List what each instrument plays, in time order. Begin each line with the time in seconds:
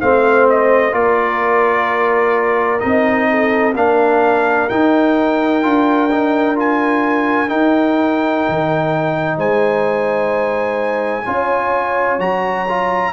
0.00 tuba A3, trombone C4, horn C5, trumpet F5
0.49 trumpet D#5
0.91 tuba A#3, trombone F4, horn A#4, trumpet D5
2.79 tuba C4, trombone D#4, trumpet D#5
3.30 horn A4
3.75 tuba A#3, trombone D4, horn A#4, trumpet F5
4.69 trombone D#4, tuba D#4, trumpet G5
5.62 tuba D4, trombone F4
6.11 trombone D#4
6.55 trombone F4, trumpet G#5
7.48 trombone D#4, tuba D#4, trumpet G5
8.48 tuba D#3
9.37 tuba G#3, horn C5, trumpet G#5
11.26 tuba C#4, trombone F4, horn C#5
12.18 tuba F#3, trombone F#4, trumpet A#5
12.69 trombone F4